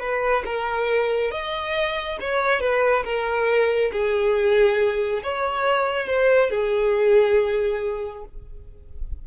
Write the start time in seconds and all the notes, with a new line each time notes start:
0.00 B4
0.45 A#4
1.31 D#5
2.20 C#5
2.60 B4
3.04 A#4
3.92 G#4
5.23 C#5
6.07 C5
6.50 G#4